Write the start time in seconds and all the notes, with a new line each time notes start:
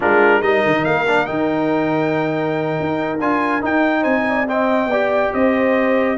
0.00 G#3 D4 F4 A#4
0.42 G3 D#4 A#4 D#5
0.65 D#3
0.84 A#3 F5
1.07 D4
1.26 D#3 D#4 G5
2.80 D#4
3.19 D4 F4 G#5
3.61 D#4 G5
4.01 C4 C5 G#5
4.28 D5
4.47 C4 D#5 G5
4.86 B3 G4 D5
5.33 C4 C5 D#5